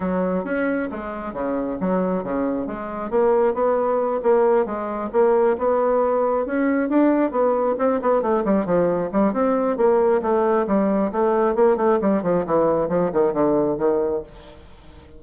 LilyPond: \new Staff \with { instrumentName = "bassoon" } { \time 4/4 \tempo 4 = 135 fis4 cis'4 gis4 cis4 | fis4 cis4 gis4 ais4 | b4. ais4 gis4 ais8~ | ais8 b2 cis'4 d'8~ |
d'8 b4 c'8 b8 a8 g8 f8~ | f8 g8 c'4 ais4 a4 | g4 a4 ais8 a8 g8 f8 | e4 f8 dis8 d4 dis4 | }